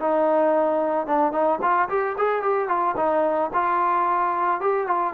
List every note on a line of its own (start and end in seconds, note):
0.00 1.07 D#4
1.07 1.32 D4
1.32 1.59 D#4
1.62 1.89 F4
1.89 2.16 G4
2.18 2.42 G#4
2.42 2.68 G4
2.68 2.95 F4
2.97 3.51 D#4
3.53 4.60 F4
4.60 4.87 G4
4.87 5.14 F4